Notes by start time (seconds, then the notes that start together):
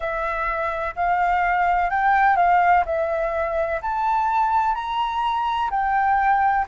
0.00 E5
0.95 F5
1.90 G5
2.36 F5
2.85 E5
3.81 A5
4.74 A#5
5.70 G5